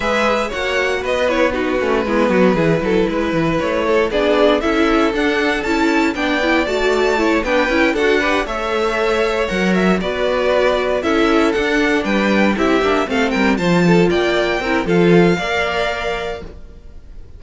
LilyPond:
<<
  \new Staff \with { instrumentName = "violin" } { \time 4/4 \tempo 4 = 117 e''4 fis''4 dis''8 cis''8 b'4~ | b'2. cis''4 | d''4 e''4 fis''4 a''4 | g''4 a''4. g''4 fis''8~ |
fis''8 e''2 fis''8 e''8 d''8~ | d''4. e''4 fis''4 g''8~ | g''8 e''4 f''8 g''8 a''4 g''8~ | g''4 f''2. | }
  \new Staff \with { instrumentName = "violin" } { \time 4/4 b'4 cis''4 b'4 fis'4 | e'8 fis'8 gis'8 a'8 b'4. a'8 | gis'4 a'2. | d''2 cis''8 b'4 a'8 |
b'8 cis''2. b'8~ | b'4. a'2 b'8~ | b'8 g'4 a'8 ais'8 c''8 a'8 d''8~ | d''8 ais'8 a'4 d''2 | }
  \new Staff \with { instrumentName = "viola" } { \time 4/4 gis'4 fis'4. e'8 dis'8 cis'8 | b4 e'2. | d'4 e'4 d'4 e'4 | d'8 e'8 fis'4 e'8 d'8 e'8 fis'8 |
g'8 a'2 ais'4 fis'8~ | fis'4. e'4 d'4.~ | d'8 e'8 d'8 c'4 f'4.~ | f'8 e'8 f'4 ais'2 | }
  \new Staff \with { instrumentName = "cello" } { \time 4/4 gis4 ais4 b4. a8 | gis8 fis8 e8 fis8 gis8 e8 a4 | b4 cis'4 d'4 cis'4 | b4 a4. b8 cis'8 d'8~ |
d'8 a2 fis4 b8~ | b4. cis'4 d'4 g8~ | g8 c'8 ais8 a8 g8 f4 ais8~ | ais8 c'8 f4 ais2 | }
>>